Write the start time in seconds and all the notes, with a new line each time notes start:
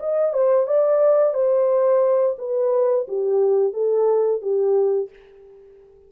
0.00 D#5
0.33 C5
0.68 D5
1.35 C5
2.39 B4
3.08 G4
3.74 A4
4.42 G4